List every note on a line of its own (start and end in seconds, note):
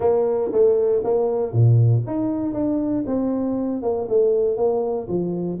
0.00 0.51 A#3
0.52 1.02 A3
1.04 1.52 A#3
1.52 2.03 A#2
2.06 2.53 D#4
2.53 3.04 D4
3.06 3.82 C4
3.82 4.07 A#3
4.08 4.56 A3
4.56 5.07 A#3
5.08 5.58 F3